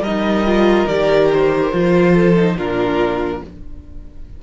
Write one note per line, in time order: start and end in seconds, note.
0.00 0.85 G3
0.00 2.12 A#4
0.00 0.87 D#5
0.07 0.46 D#4
0.46 0.88 F4
0.87 1.71 D#3
0.87 1.72 G4
0.87 1.29 D5
1.32 2.58 C5
1.72 2.56 F3
1.72 2.35 F4
2.12 2.54 A4
2.36 2.57 D#4
2.56 3.41 A#2
2.56 3.42 D4
2.56 3.42 F4
2.56 3.42 A#4